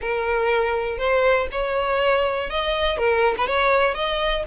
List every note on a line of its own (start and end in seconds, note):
0.01 0.97 A#4
0.97 1.47 C5
1.51 2.50 C#5
2.50 2.97 D#5
2.97 3.34 A#4
3.37 3.47 B4
3.47 3.94 C#5
3.94 4.43 D#5